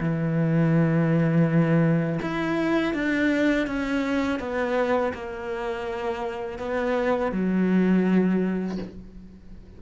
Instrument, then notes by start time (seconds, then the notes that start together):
cello
0.00 E3
2.22 E4
2.94 D4
3.67 C#4
4.39 B3
5.14 A#3
6.59 B3
7.32 F#3